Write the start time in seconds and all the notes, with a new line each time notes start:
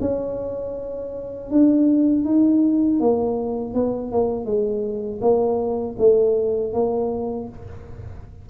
0.00 C#4
1.50 D4
2.25 D#4
3.00 A#3
3.74 B3
4.11 A#3
4.45 G#3
5.21 A#3
5.98 A3
6.73 A#3